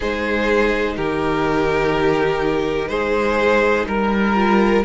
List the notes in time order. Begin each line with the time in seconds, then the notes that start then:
0.00 G#3 D#4 G#4 C5
0.96 D#3 G4 A#4
2.88 G#3 G#4 C5
3.86 G3 A#4
4.35 F4